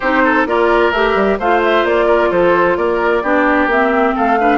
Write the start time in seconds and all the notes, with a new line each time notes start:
0.00 C4 D#4 G4 C5
0.24 A4
0.46 A#3 F4 A#4 D5
0.91 A3 G4 E5
1.14 G3
1.39 A3 F4 C5 F5
1.63 E5
1.83 A#3 D5
2.05 A#4
2.30 F3 A4 C5
2.77 A#3 A#4 D5
3.22 B3 D4 G4
3.66 A#3 C4 E5
4.15 A3 A4 F5
4.39 D4 B4